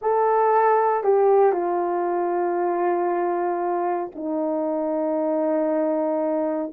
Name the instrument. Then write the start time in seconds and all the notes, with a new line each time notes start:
horn
0.01 A4
1.03 G4
1.52 F4
4.15 D#4